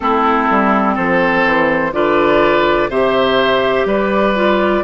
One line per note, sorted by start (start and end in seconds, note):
0.00 0.49 A3
0.00 1.93 C4
0.00 0.94 E4
0.00 0.96 A4
0.50 0.97 G3
0.94 1.44 F3
0.94 1.91 A4
0.94 1.93 C5
1.44 1.93 E3
1.93 2.89 D3
1.93 2.89 F4
1.93 2.90 B4
1.93 2.90 D5
2.89 3.85 C3
2.89 4.35 G4
2.89 3.86 C5
2.89 3.87 E5
3.85 4.82 G3
3.85 4.83 B4
3.85 4.84 D5
4.35 4.83 F4